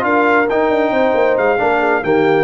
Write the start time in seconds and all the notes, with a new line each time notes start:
0.00 D4 F4 A#4 F5
0.49 D#4 G5
0.69 D4
0.91 C4 C5
1.14 A#3
1.37 G#3 F5
1.58 A#3 D4 A#4
1.79 G#4
2.03 D#3 A#3 G4 G5